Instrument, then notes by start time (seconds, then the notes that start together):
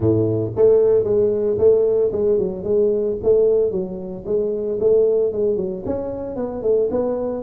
tuba
0.00 A2
0.56 A3
1.04 G#3
1.58 A3
2.12 G#3
2.38 F#3
2.63 G#3
3.23 A3
3.71 F#3
4.25 G#3
4.80 A3
5.32 G#3
5.56 F#3
5.85 C#4
6.35 B3
6.62 A3
6.90 B3